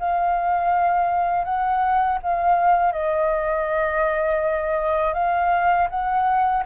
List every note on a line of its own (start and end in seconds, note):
0.00 1.45 F5
1.45 2.19 F#5
2.23 2.93 F5
2.93 5.14 D#5
5.14 5.89 F5
5.90 6.64 F#5